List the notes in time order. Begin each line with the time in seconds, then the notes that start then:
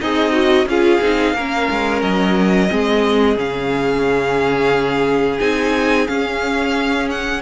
0.00 C4 D#4 G#4 D#5
0.32 F#4
0.66 C#4 F4 G#4 F5
1.01 C4 D#4
1.34 A#3 C#4 A#4
1.70 G#3
2.01 F#3 D#5
2.68 G#3 C4 G#4
3.36 C#3 C#4 F5
5.39 C4 D#4 G#5
6.07 C#4 F5
7.10 F#5